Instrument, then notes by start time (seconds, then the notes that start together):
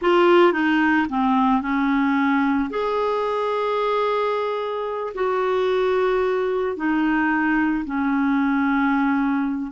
clarinet
0.01 F4
0.53 D#4
1.09 C4
1.61 C#4
2.70 G#4
5.14 F#4
6.76 D#4
7.85 C#4